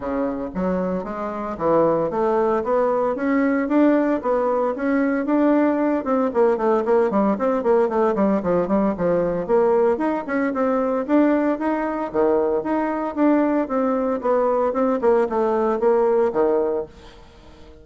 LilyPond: \new Staff \with { instrumentName = "bassoon" } { \time 4/4 \tempo 4 = 114 cis4 fis4 gis4 e4 | a4 b4 cis'4 d'4 | b4 cis'4 d'4. c'8 | ais8 a8 ais8 g8 c'8 ais8 a8 g8 |
f8 g8 f4 ais4 dis'8 cis'8 | c'4 d'4 dis'4 dis4 | dis'4 d'4 c'4 b4 | c'8 ais8 a4 ais4 dis4 | }